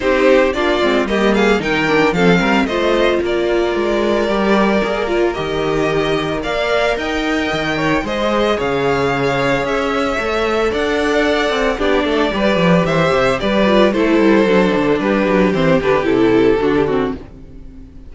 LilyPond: <<
  \new Staff \with { instrumentName = "violin" } { \time 4/4 \tempo 4 = 112 c''4 d''4 dis''8 f''8 g''4 | f''4 dis''4 d''2~ | d''2 dis''2 | f''4 g''2 dis''4 |
f''2 e''2 | fis''2 d''2 | e''4 d''4 c''2 | b'4 c''8 b'8 a'2 | }
  \new Staff \with { instrumentName = "violin" } { \time 4/4 g'4 f'4 g'8 gis'8 ais'4 | a'8 ais'8 c''4 ais'2~ | ais'1 | d''4 dis''4. cis''8 c''4 |
cis''1 | d''2 g'8 a'8 b'4 | c''4 b'4 a'2 | g'2. fis'16 g'16 fis'8 | }
  \new Staff \with { instrumentName = "viola" } { \time 4/4 dis'4 d'8 c'8 ais4 dis'8 d'8 | c'4 f'2. | g'4 gis'8 f'8 g'2 | ais'2. gis'4~ |
gis'2. a'4~ | a'2 d'4 g'4~ | g'4. f'8 e'4 d'4~ | d'4 c'8 d'8 e'4 d'8 c'8 | }
  \new Staff \with { instrumentName = "cello" } { \time 4/4 c'4 ais8 gis8 g4 dis4 | f8 g8 a4 ais4 gis4 | g4 ais4 dis2 | ais4 dis'4 dis4 gis4 |
cis2 cis'4 a4 | d'4. c'8 b8 a8 g8 f8 | e8 c8 g4 a8 g8 fis8 d8 | g8 fis8 e8 d8 c4 d4 | }
>>